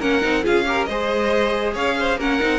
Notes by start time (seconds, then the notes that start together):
0.00 A#3 C#4 A#4 F#5
0.22 C4 D#4
0.43 C#4 F4 G#4 F5
0.66 G4 A#4
0.85 G#3 G#4 C5 D#5
1.74 C#4 C#5 F5
2.00 C5
2.18 A#3 C#4 A#4 F#5
2.41 C4 D#4